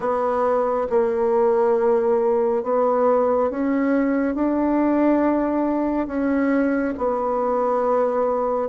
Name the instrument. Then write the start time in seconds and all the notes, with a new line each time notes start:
bassoon
0.00 B3
0.89 A#3
2.63 B3
3.50 C#4
4.34 D4
6.07 C#4
6.97 B3